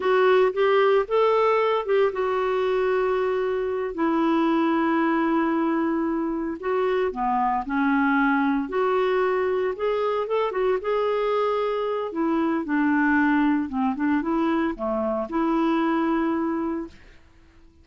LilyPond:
\new Staff \with { instrumentName = "clarinet" } { \time 4/4 \tempo 4 = 114 fis'4 g'4 a'4. g'8 | fis'2.~ fis'8 e'8~ | e'1~ | e'8 fis'4 b4 cis'4.~ |
cis'8 fis'2 gis'4 a'8 | fis'8 gis'2~ gis'8 e'4 | d'2 c'8 d'8 e'4 | a4 e'2. | }